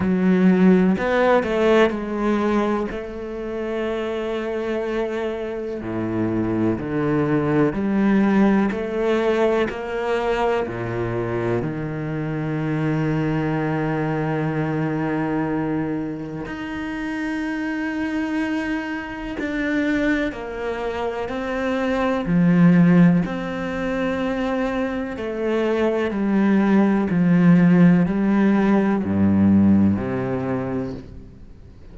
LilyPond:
\new Staff \with { instrumentName = "cello" } { \time 4/4 \tempo 4 = 62 fis4 b8 a8 gis4 a4~ | a2 a,4 d4 | g4 a4 ais4 ais,4 | dis1~ |
dis4 dis'2. | d'4 ais4 c'4 f4 | c'2 a4 g4 | f4 g4 g,4 c4 | }